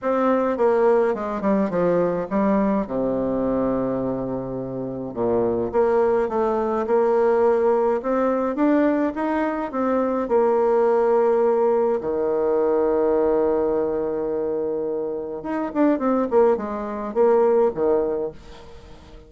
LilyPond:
\new Staff \with { instrumentName = "bassoon" } { \time 4/4 \tempo 4 = 105 c'4 ais4 gis8 g8 f4 | g4 c2.~ | c4 ais,4 ais4 a4 | ais2 c'4 d'4 |
dis'4 c'4 ais2~ | ais4 dis2.~ | dis2. dis'8 d'8 | c'8 ais8 gis4 ais4 dis4 | }